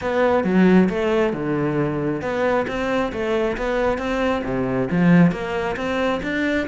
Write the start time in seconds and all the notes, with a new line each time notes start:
0.01 B3
0.44 F#3
0.89 A3
1.33 D3
2.21 B3
2.67 C4
3.12 A3
3.57 B3
3.98 C4
4.44 C3
4.90 F3
5.31 A#3
5.76 C4
6.22 D4